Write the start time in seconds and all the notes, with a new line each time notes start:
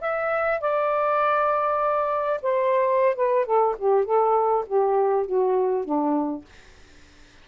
0.00 E5
0.60 D5
2.42 C5
3.15 B4
3.45 A4
3.78 G4
4.04 A4
4.66 G4
5.26 F#4
5.84 D4